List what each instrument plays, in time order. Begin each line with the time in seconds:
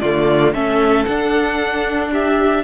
0.00 cello D3, viola A3, violin F4 D5
0.53 cello A3, viola C#4, violin A4 E5
1.05 cello D4, viola D4, violin F#5
2.12 violin G4 E5